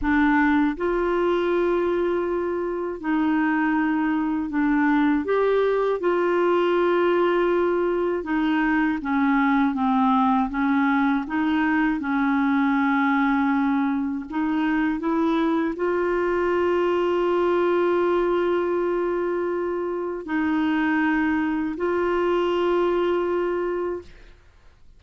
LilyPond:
\new Staff \with { instrumentName = "clarinet" } { \time 4/4 \tempo 4 = 80 d'4 f'2. | dis'2 d'4 g'4 | f'2. dis'4 | cis'4 c'4 cis'4 dis'4 |
cis'2. dis'4 | e'4 f'2.~ | f'2. dis'4~ | dis'4 f'2. | }